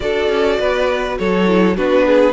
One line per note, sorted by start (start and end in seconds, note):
0.00 0.28 D4
0.00 1.44 F#4
0.00 0.59 A4
0.00 1.17 D5
0.28 0.58 C#4
0.59 1.18 B3
0.59 1.18 B4
1.18 1.77 F#3
1.18 1.76 A4
1.18 1.77 C#5
1.46 1.75 E4
1.76 2.33 B3
1.76 2.33 D4
1.76 2.06 F#4
1.76 2.33 B4
2.06 2.33 G#4